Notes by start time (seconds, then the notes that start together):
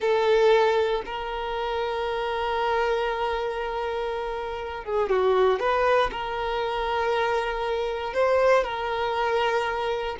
0.00 A4
1.05 A#4
4.84 G#4
5.09 F#4
5.59 B4
6.11 A#4
8.13 C5
8.63 A#4